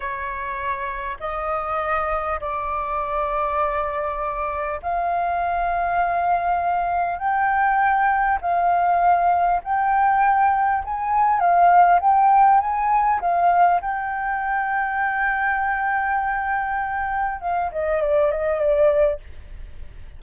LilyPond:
\new Staff \with { instrumentName = "flute" } { \time 4/4 \tempo 4 = 100 cis''2 dis''2 | d''1 | f''1 | g''2 f''2 |
g''2 gis''4 f''4 | g''4 gis''4 f''4 g''4~ | g''1~ | g''4 f''8 dis''8 d''8 dis''8 d''4 | }